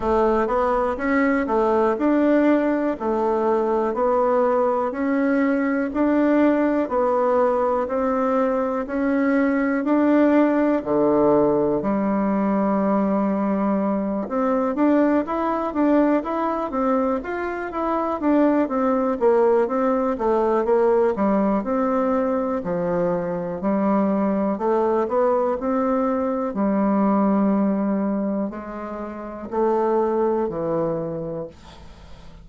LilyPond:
\new Staff \with { instrumentName = "bassoon" } { \time 4/4 \tempo 4 = 61 a8 b8 cis'8 a8 d'4 a4 | b4 cis'4 d'4 b4 | c'4 cis'4 d'4 d4 | g2~ g8 c'8 d'8 e'8 |
d'8 e'8 c'8 f'8 e'8 d'8 c'8 ais8 | c'8 a8 ais8 g8 c'4 f4 | g4 a8 b8 c'4 g4~ | g4 gis4 a4 e4 | }